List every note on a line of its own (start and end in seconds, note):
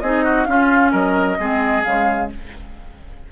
0.00 0.47 C4
0.00 0.47 D#4
0.00 0.24 G#4
0.00 0.44 D#5
0.24 0.47 F#4
0.44 1.38 C#4
0.44 0.93 C#4
0.44 0.92 F4
0.44 0.90 F5
0.92 1.39 F#3
0.92 1.37 A#4
0.92 1.84 D#5
1.39 1.84 G#3
1.39 1.85 C4
1.39 2.32 G#4
1.84 2.31 C#3
1.84 2.31 G#3
1.84 2.30 F5